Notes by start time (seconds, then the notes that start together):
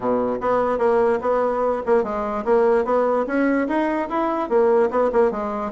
0.00 B2
0.40 B3
0.78 A#3
1.21 B3
1.86 A#3
2.03 G#3
2.44 A#3
2.85 B3
3.27 C#4
3.68 D#4
4.09 E4
4.49 A#3
4.90 B3
5.12 A#3
5.31 G#3